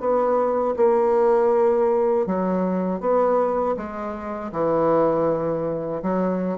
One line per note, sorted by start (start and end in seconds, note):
0.00 0.75 B3
0.76 2.26 A#3
2.26 3.00 F#3
3.00 3.75 B3
3.77 4.52 G#3
4.52 6.02 E3
6.02 6.58 F#3